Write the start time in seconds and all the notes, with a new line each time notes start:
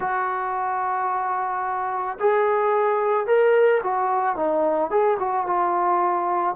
0.00 F#4
2.19 G#4
3.26 A#4
3.83 F#4
4.36 D#4
4.90 G#4
5.19 F#4
5.46 F4